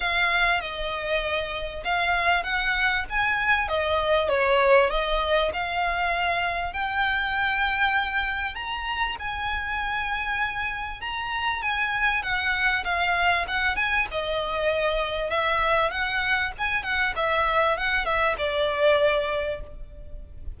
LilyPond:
\new Staff \with { instrumentName = "violin" } { \time 4/4 \tempo 4 = 98 f''4 dis''2 f''4 | fis''4 gis''4 dis''4 cis''4 | dis''4 f''2 g''4~ | g''2 ais''4 gis''4~ |
gis''2 ais''4 gis''4 | fis''4 f''4 fis''8 gis''8 dis''4~ | dis''4 e''4 fis''4 gis''8 fis''8 | e''4 fis''8 e''8 d''2 | }